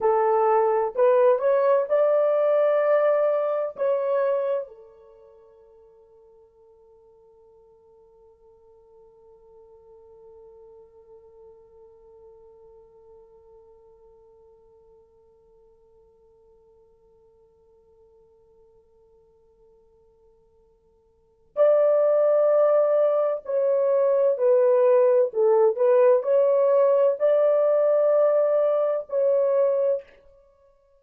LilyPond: \new Staff \with { instrumentName = "horn" } { \time 4/4 \tempo 4 = 64 a'4 b'8 cis''8 d''2 | cis''4 a'2.~ | a'1~ | a'1~ |
a'1~ | a'2. d''4~ | d''4 cis''4 b'4 a'8 b'8 | cis''4 d''2 cis''4 | }